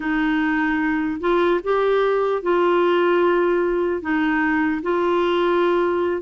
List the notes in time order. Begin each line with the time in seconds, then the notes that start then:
0.00 D#4
1.20 F4
1.63 G4
2.42 F4
4.01 D#4
4.82 F4